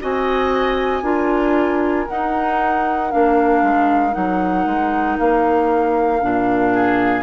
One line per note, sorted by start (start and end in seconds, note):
0.00 1.02 C4
0.00 1.02 F#4
0.00 1.03 D#5
0.00 2.08 G#5
1.02 2.05 D4
1.02 2.06 F4
1.02 6.72 A#4
2.08 3.13 D#4
2.08 3.10 D#4
2.08 3.11 F#5
3.10 3.62 A#3
3.10 4.11 D4
3.10 4.13 F5
3.62 4.14 G#3
4.11 4.65 F#3
4.11 6.18 D#4
4.11 5.17 F#5
4.65 5.17 G#3
5.18 6.22 A#3
5.18 7.22 F5
6.21 7.22 A#2
6.21 7.22 D4
6.72 7.22 G#4